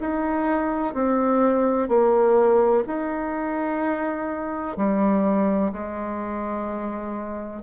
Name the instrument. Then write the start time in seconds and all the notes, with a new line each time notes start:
bassoon
0.00 D#4
0.94 C4
1.89 A#3
2.87 D#4
4.77 G3
5.72 G#3